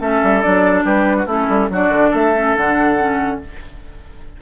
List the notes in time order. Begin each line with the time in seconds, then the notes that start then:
0.00 A3 C#4 A4 E5
0.23 G3
0.42 F#3 D4 D5
0.84 G3 G4 B4
1.17 F#4
1.26 A3 C#4 E4 A4
1.49 G3
1.69 F#3 D4 F#4 D5
1.89 D3
2.10 A3 A4 E5
2.35 C#4
2.56 D3 D4 F#5
2.98 C#4